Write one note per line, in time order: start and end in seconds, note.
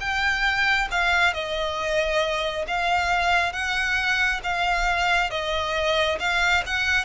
0.00 0.88 G5
0.91 1.33 F5
1.33 2.66 D#5
2.67 3.53 F5
3.53 4.41 F#5
4.43 5.30 F5
5.30 6.18 D#5
6.20 6.64 F5
6.66 7.05 F#5